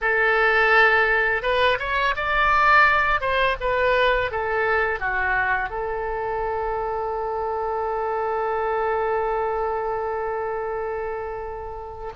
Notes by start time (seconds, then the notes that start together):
0.01 A4
1.42 B4
1.79 C#5
2.16 D5
3.20 C5
3.60 B4
4.31 A4
4.99 F#4
5.69 A4